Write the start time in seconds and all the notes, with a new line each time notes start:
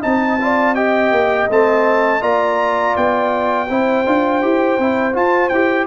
0.00 C4 D#4 D#5 A5
0.40 F4 D5
0.75 G4 D#5 G5
1.11 A#3
1.50 A3 C4 A5
2.21 A#3 F4 D5 A#5
2.96 B3 G5
3.69 C4 E4 C5
4.06 D4 F4
4.42 E4 G4
4.78 C4 E4
5.13 F4 A5
5.49 E4 G4 G5